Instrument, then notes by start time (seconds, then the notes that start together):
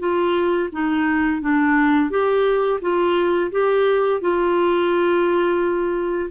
clarinet
0.00 F4
0.73 D#4
1.42 D4
2.11 G4
2.82 F4
3.52 G4
4.21 F4